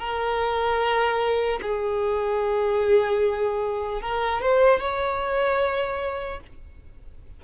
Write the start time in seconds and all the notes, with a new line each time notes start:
0.00 A#4
1.63 G#4
4.02 A#4
4.42 C5
4.80 C#5